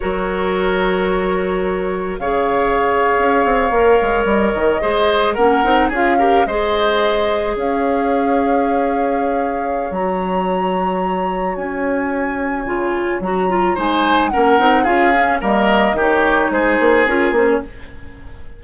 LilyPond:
<<
  \new Staff \with { instrumentName = "flute" } { \time 4/4 \tempo 4 = 109 cis''1 | f''2.~ f''8. dis''16~ | dis''4.~ dis''16 fis''4 f''4 dis''16~ | dis''4.~ dis''16 f''2~ f''16~ |
f''2 ais''2~ | ais''4 gis''2. | ais''4 gis''4 fis''4 f''4 | dis''4 cis''4 c''4 ais'8 c''16 cis''16 | }
  \new Staff \with { instrumentName = "oboe" } { \time 4/4 ais'1 | cis''1~ | cis''8. c''4 ais'4 gis'8 ais'8 c''16~ | c''4.~ c''16 cis''2~ cis''16~ |
cis''1~ | cis''1~ | cis''4 c''4 ais'4 gis'4 | ais'4 g'4 gis'2 | }
  \new Staff \with { instrumentName = "clarinet" } { \time 4/4 fis'1 | gis'2~ gis'8. ais'4~ ais'16~ | ais'8. gis'4 cis'8 dis'8 f'8 g'8 gis'16~ | gis'1~ |
gis'2 fis'2~ | fis'2. f'4 | fis'8 f'8 dis'4 cis'8 dis'8 f'8 cis'8 | ais4 dis'2 f'8 cis'8 | }
  \new Staff \with { instrumentName = "bassoon" } { \time 4/4 fis1 | cis4.~ cis16 cis'8 c'8 ais8 gis8 g16~ | g16 dis8 gis4 ais8 c'8 cis'4 gis16~ | gis4.~ gis16 cis'2~ cis'16~ |
cis'2 fis2~ | fis4 cis'2 cis4 | fis4 gis4 ais8 c'8 cis'4 | g4 dis4 gis8 ais8 cis'8 ais8 | }
>>